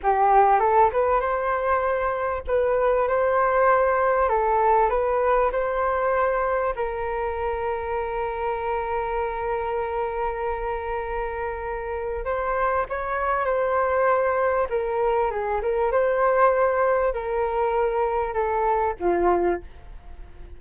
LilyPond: \new Staff \with { instrumentName = "flute" } { \time 4/4 \tempo 4 = 98 g'4 a'8 b'8 c''2 | b'4 c''2 a'4 | b'4 c''2 ais'4~ | ais'1~ |
ais'1 | c''4 cis''4 c''2 | ais'4 gis'8 ais'8 c''2 | ais'2 a'4 f'4 | }